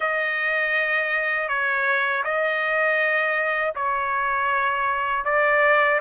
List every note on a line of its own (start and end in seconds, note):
0.00 1.48 D#5
1.48 2.23 C#5
2.24 3.74 D#5
3.75 5.25 C#5
5.25 6.00 D5